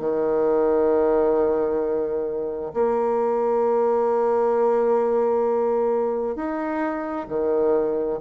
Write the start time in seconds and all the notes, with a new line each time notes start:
0.00 D#3
2.74 A#3
6.36 D#4
7.29 D#3